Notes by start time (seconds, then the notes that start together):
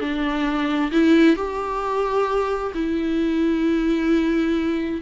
0.00 D4
0.92 E4
1.36 G4
2.74 E4